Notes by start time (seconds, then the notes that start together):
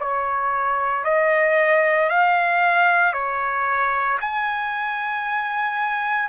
0.00 C#5
1.05 D#5
2.10 F5
3.13 C#5
4.21 G#5